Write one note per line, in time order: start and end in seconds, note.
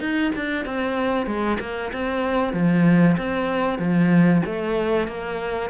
0.00 0.32 D#4
0.36 0.65 D4
0.65 1.26 C4
1.26 1.58 G#3
1.60 1.92 A#3
1.93 2.53 C4
2.53 3.16 F3
3.18 3.79 C4
3.79 4.42 F3
4.46 5.08 A3
5.08 5.70 A#3